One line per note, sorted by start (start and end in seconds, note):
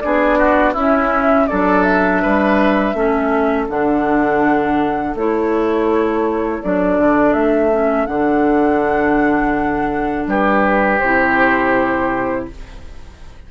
0.00 0.75 B3
0.00 0.75 D4
0.00 0.39 G#4
0.00 0.73 D5
0.39 0.73 F#4
0.73 1.48 C#4
0.73 1.50 C#4
0.73 1.46 E4
0.73 1.47 E5
1.47 2.25 F#3
1.47 2.95 D4
1.47 2.22 A4
1.47 1.83 D5
1.83 3.66 E5
2.22 2.94 G3
2.22 2.95 B4
2.94 3.67 A3
2.94 3.68 C#4
2.94 10.27 A4
3.69 5.15 D3
3.69 5.16 D4
3.69 5.16 F#5
5.15 6.61 A3
5.15 6.63 E4
5.15 6.63 C#5
6.63 6.98 F#3
6.63 7.71 D4
6.63 7.33 D5
6.98 7.34 D3
7.33 8.07 A3
7.33 8.06 E5
7.71 8.07 C#4
8.06 10.27 D3
8.06 11.00 D4
8.06 10.26 F#5
10.27 11.00 G3
10.27 12.49 G4
10.27 10.99 B4
10.99 12.48 C3
10.99 12.51 E4
10.99 12.45 C5